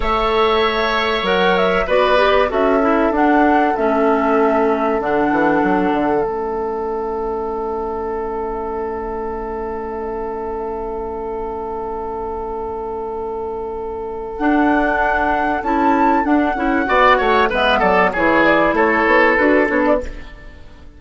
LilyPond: <<
  \new Staff \with { instrumentName = "flute" } { \time 4/4 \tempo 4 = 96 e''2 fis''8 e''8 d''4 | e''4 fis''4 e''2 | fis''2 e''2~ | e''1~ |
e''1~ | e''2. fis''4~ | fis''4 a''4 fis''2 | e''8 d''8 cis''8 d''8 cis''4 b'8 cis''16 d''16 | }
  \new Staff \with { instrumentName = "oboe" } { \time 4/4 cis''2. b'4 | a'1~ | a'1~ | a'1~ |
a'1~ | a'1~ | a'2. d''8 cis''8 | b'8 a'8 gis'4 a'2 | }
  \new Staff \with { instrumentName = "clarinet" } { \time 4/4 a'2 ais'4 fis'8 g'8 | fis'8 e'8 d'4 cis'2 | d'2 cis'2~ | cis'1~ |
cis'1~ | cis'2. d'4~ | d'4 e'4 d'8 e'8 fis'4 | b4 e'2 fis'8 d'8 | }
  \new Staff \with { instrumentName = "bassoon" } { \time 4/4 a2 fis4 b4 | cis'4 d'4 a2 | d8 e8 fis8 d8 a2~ | a1~ |
a1~ | a2. d'4~ | d'4 cis'4 d'8 cis'8 b8 a8 | gis8 fis8 e4 a8 b8 d'8 b8 | }
>>